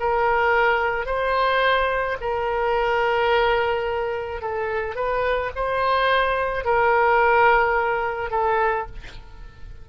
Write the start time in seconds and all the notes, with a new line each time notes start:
0.00 A#4
1.06 C5
2.21 A#4
4.42 A4
4.96 B4
5.56 C5
6.65 A#4
8.31 A4